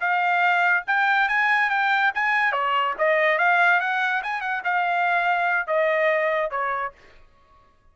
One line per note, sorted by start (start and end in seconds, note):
0.00 0.84 F5
0.87 1.28 G5
1.28 1.70 G#5
1.70 2.12 G5
2.15 2.52 G#5
2.52 2.94 C#5
2.98 3.38 D#5
3.38 3.80 F5
3.80 4.22 F#5
4.23 4.41 G#5
4.41 4.62 F#5
4.64 5.67 F5
5.67 6.50 D#5
6.50 6.92 C#5